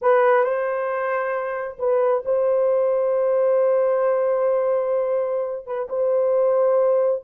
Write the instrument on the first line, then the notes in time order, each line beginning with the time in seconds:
horn
0.01 B4
0.44 C5
1.78 B4
2.25 C5
5.66 B4
5.89 C5